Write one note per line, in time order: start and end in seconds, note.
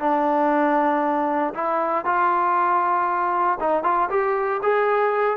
0.00 1.54 D4
1.55 2.05 E4
2.05 3.59 F4
3.60 3.83 D#4
3.83 4.09 F4
4.10 4.61 G4
4.63 5.37 G#4